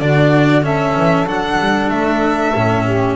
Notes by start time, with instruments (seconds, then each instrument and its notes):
0.00 double bass D3, cello D4, saxophone F#4, violin D5
0.63 cello C#4, saxophone A4, violin E5
0.97 double bass E3
1.25 double bass F#3, cello D4, violin F#5
1.59 double bass G3
1.90 double bass A3, violin E5
2.55 double bass A2, cello C#4
2.85 saxophone G4